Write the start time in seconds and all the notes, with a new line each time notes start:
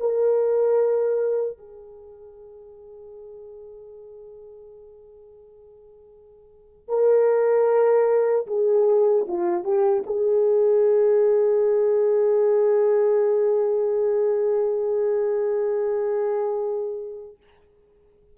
0.00 A#4
1.58 G#4
6.89 A#4
8.47 G#4
9.27 F4
9.64 G4
10.06 G#4